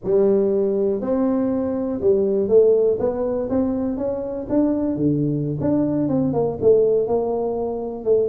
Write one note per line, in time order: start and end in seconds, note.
0.04 1.01 G3
1.01 2.00 C4
2.00 2.48 G3
2.48 2.98 A3
2.99 3.48 B3
3.49 3.97 C4
3.97 4.46 C#4
4.49 4.96 D4
4.96 5.58 D3
5.60 6.08 D4
6.08 6.33 C4
6.33 6.57 A#3
6.61 7.07 A3
7.07 8.04 A#3
8.04 8.29 A3